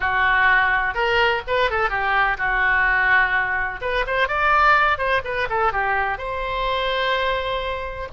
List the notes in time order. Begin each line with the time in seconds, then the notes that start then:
0.00 F#4
0.94 A#4
1.47 B4
1.70 A4
1.89 G4
2.37 F#4
3.81 B4
4.06 C5
4.27 D5
4.98 C5
5.24 B4
5.49 A4
5.72 G4
6.18 C5